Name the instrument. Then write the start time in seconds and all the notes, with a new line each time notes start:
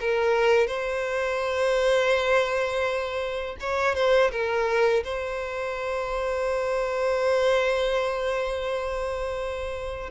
violin
0.00 A#4
0.67 C5
3.60 C#5
3.95 C5
4.31 A#4
5.04 C5